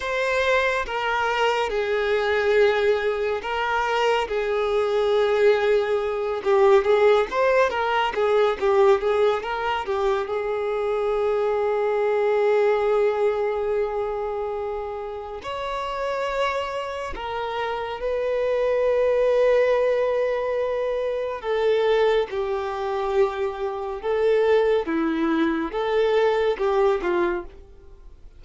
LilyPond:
\new Staff \with { instrumentName = "violin" } { \time 4/4 \tempo 4 = 70 c''4 ais'4 gis'2 | ais'4 gis'2~ gis'8 g'8 | gis'8 c''8 ais'8 gis'8 g'8 gis'8 ais'8 g'8 | gis'1~ |
gis'2 cis''2 | ais'4 b'2.~ | b'4 a'4 g'2 | a'4 e'4 a'4 g'8 f'8 | }